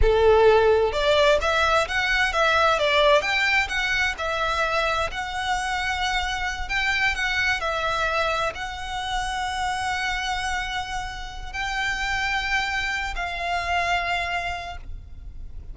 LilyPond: \new Staff \with { instrumentName = "violin" } { \time 4/4 \tempo 4 = 130 a'2 d''4 e''4 | fis''4 e''4 d''4 g''4 | fis''4 e''2 fis''4~ | fis''2~ fis''8 g''4 fis''8~ |
fis''8 e''2 fis''4.~ | fis''1~ | fis''4 g''2.~ | g''8 f''2.~ f''8 | }